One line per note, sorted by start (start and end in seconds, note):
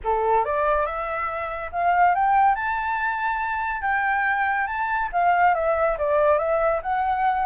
0.03 0.44 A4
0.44 0.85 D5
0.85 1.71 E5
1.72 2.14 F5
2.14 2.55 G5
2.55 3.81 A5
3.81 4.66 G5
4.66 5.09 A5
5.12 5.54 F5
5.54 5.97 E5
5.98 6.38 D5
6.38 6.80 E5
6.82 7.46 F#5